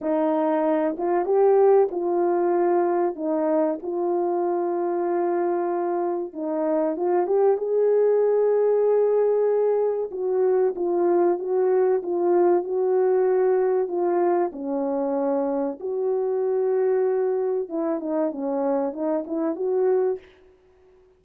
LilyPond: \new Staff \with { instrumentName = "horn" } { \time 4/4 \tempo 4 = 95 dis'4. f'8 g'4 f'4~ | f'4 dis'4 f'2~ | f'2 dis'4 f'8 g'8 | gis'1 |
fis'4 f'4 fis'4 f'4 | fis'2 f'4 cis'4~ | cis'4 fis'2. | e'8 dis'8 cis'4 dis'8 e'8 fis'4 | }